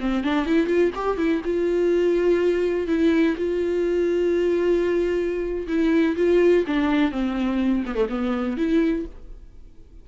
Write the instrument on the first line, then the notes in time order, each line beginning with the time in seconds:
viola
0.00 C4
0.24 D4
0.46 E4
0.67 F4
0.95 G4
1.17 E4
1.45 F4
2.87 E4
3.37 F4
5.67 E4
6.16 F4
6.67 D4
7.11 C4
7.86 B3
7.95 A3
8.09 B3
8.57 E4